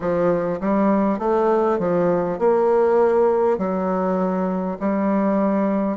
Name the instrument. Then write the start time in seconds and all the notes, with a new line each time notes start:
bassoon
0.00 F3
0.60 G3
1.18 A3
1.78 F3
2.38 A#3
3.57 F#3
4.79 G3